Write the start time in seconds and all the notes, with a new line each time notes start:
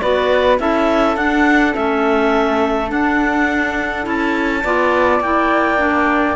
0.00 B3 F#4 B4 D5
0.59 C#4 E4 A4 E5
1.17 D4 F#5
1.74 A3 C#4 E5
2.88 D4 F#5
4.03 C#4 E4 A5
4.64 B3 F4 D5
5.21 A#3 E4 G5
5.78 D4